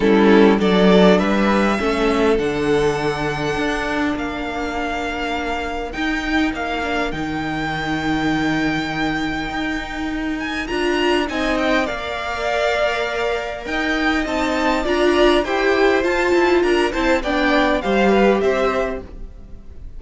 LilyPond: <<
  \new Staff \with { instrumentName = "violin" } { \time 4/4 \tempo 4 = 101 a'4 d''4 e''2 | fis''2. f''4~ | f''2 g''4 f''4 | g''1~ |
g''4. gis''8 ais''4 gis''8 g''8 | f''2. g''4 | a''4 ais''4 g''4 a''4 | ais''8 a''8 g''4 f''4 e''4 | }
  \new Staff \with { instrumentName = "violin" } { \time 4/4 e'4 a'4 b'4 a'4~ | a'2. ais'4~ | ais'1~ | ais'1~ |
ais'2. dis''4 | d''2. dis''4~ | dis''4 d''4 c''2 | ais'8 c''8 d''4 c''8 b'8 c''4 | }
  \new Staff \with { instrumentName = "viola" } { \time 4/4 cis'4 d'2 cis'4 | d'1~ | d'2 dis'4. d'8 | dis'1~ |
dis'2 f'4 dis'4 | ais'1 | dis'4 f'4 g'4 f'4~ | f'8 e'8 d'4 g'2 | }
  \new Staff \with { instrumentName = "cello" } { \time 4/4 g4 fis4 g4 a4 | d2 d'4 ais4~ | ais2 dis'4 ais4 | dis1 |
dis'2 d'4 c'4 | ais2. dis'4 | c'4 d'4 e'4 f'8 e'8 | d'8 c'8 b4 g4 c'4 | }
>>